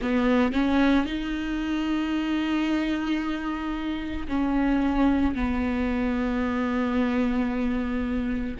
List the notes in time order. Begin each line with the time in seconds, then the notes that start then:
0.01 B3
0.52 C#4
1.05 D#4
4.28 C#4
5.35 B3